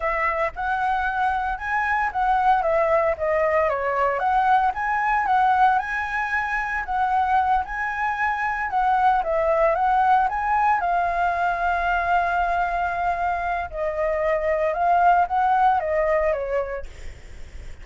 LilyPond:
\new Staff \with { instrumentName = "flute" } { \time 4/4 \tempo 4 = 114 e''4 fis''2 gis''4 | fis''4 e''4 dis''4 cis''4 | fis''4 gis''4 fis''4 gis''4~ | gis''4 fis''4. gis''4.~ |
gis''8 fis''4 e''4 fis''4 gis''8~ | gis''8 f''2.~ f''8~ | f''2 dis''2 | f''4 fis''4 dis''4 cis''4 | }